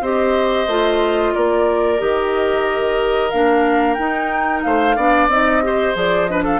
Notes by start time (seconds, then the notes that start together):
0.00 C4 G4 C5 D#5
0.67 A3 F4
1.34 A#3 A#4 D5
1.98 D#3 G4 D#5
3.30 A#3 D4 F5
3.94 D#4 G5
4.62 A3 C5 F5
4.96 B3 D4 D5
5.28 C4 D#4 D#5
5.62 G4 C5
5.94 F3 G#4 D5
6.26 D4 B4 D#5
6.44 A4 F5